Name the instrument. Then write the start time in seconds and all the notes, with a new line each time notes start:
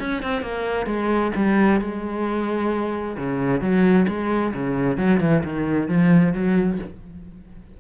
cello
0.00 C#4
0.23 C4
0.42 A#3
0.87 G#3
1.36 G3
1.81 G#3
3.17 C#3
3.61 F#3
4.08 G#3
4.54 C#3
4.98 F#3
5.21 E3
5.44 D#3
5.88 F3
6.34 F#3